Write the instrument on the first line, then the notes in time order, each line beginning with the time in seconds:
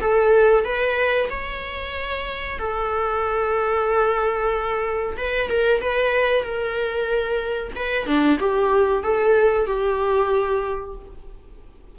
viola
0.00 A4
0.64 B4
1.30 C#5
2.59 A4
5.17 B4
5.50 A#4
5.81 B4
6.43 A#4
7.76 B4
8.06 D4
8.40 G4
9.03 A4
9.66 G4